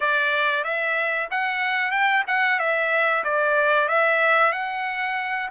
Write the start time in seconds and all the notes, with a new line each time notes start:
0.00 D5
0.63 E5
1.30 F#5
1.91 G5
2.27 F#5
2.59 E5
3.23 D5
3.88 E5
4.52 F#5